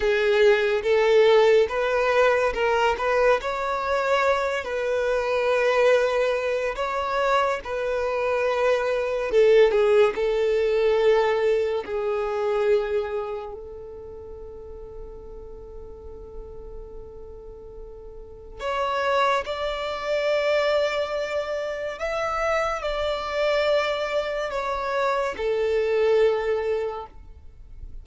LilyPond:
\new Staff \with { instrumentName = "violin" } { \time 4/4 \tempo 4 = 71 gis'4 a'4 b'4 ais'8 b'8 | cis''4. b'2~ b'8 | cis''4 b'2 a'8 gis'8 | a'2 gis'2 |
a'1~ | a'2 cis''4 d''4~ | d''2 e''4 d''4~ | d''4 cis''4 a'2 | }